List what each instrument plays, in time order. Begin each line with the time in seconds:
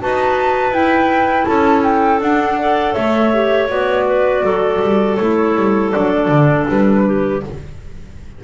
0.00 double bass D#4, clarinet F#4 B4, flute A5
0.71 double bass E4, clarinet E4, flute G5
1.45 double bass C#4, clarinet A4, flute A5
1.83 flute G5
2.20 double bass D4, clarinet D4, flute F#5
2.58 clarinet A4 D5
2.93 double bass A3, clarinet C#5, flute E5
3.34 clarinet G4
3.69 double bass B3, clarinet F#4, flute D5
4.06 clarinet B4
4.43 double bass F#3, clarinet A4
4.81 double bass G3
5.16 double bass A3, clarinet E4, flute C#5
5.56 double bass G3
5.92 double bass F#3, clarinet D4, flute D5
6.28 double bass D3
6.69 double bass G3, flute B4
7.06 clarinet G4